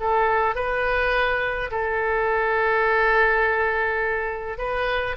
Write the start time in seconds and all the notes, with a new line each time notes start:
0.00 A4
0.55 B4
1.71 A4
4.58 B4